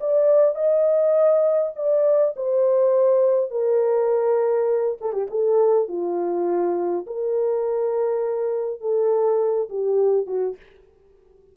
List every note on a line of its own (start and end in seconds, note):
0.00 0.55 D5
0.55 1.72 D#5
1.75 2.34 D5
2.36 3.50 C5
3.50 4.97 A#4
5.01 5.13 A4
5.13 5.27 G4
5.30 5.88 A4
5.88 7.06 F4
7.06 8.80 A#4
8.80 9.69 A4
9.69 10.26 G4
10.26 10.56 F#4